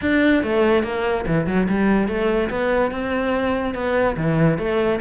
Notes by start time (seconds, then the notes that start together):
0.01 D4
0.43 A3
0.83 A#3
1.26 E3
1.46 F#3
1.69 G3
2.08 A3
2.50 B3
2.91 C4
3.74 B3
4.16 E3
4.58 A3